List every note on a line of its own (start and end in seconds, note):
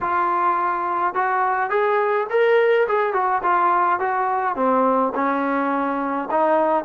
0.01 1.14 F4
1.14 1.69 F#4
1.69 2.26 G#4
2.30 2.87 A#4
2.88 3.13 G#4
3.13 3.42 F#4
3.42 3.99 F4
3.99 4.55 F#4
4.55 5.12 C4
5.14 6.29 C#4
6.30 6.84 D#4